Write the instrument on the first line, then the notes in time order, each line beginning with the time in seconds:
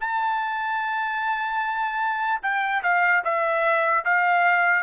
trumpet
0.00 A5
2.42 G5
2.83 F5
3.24 E5
4.05 F5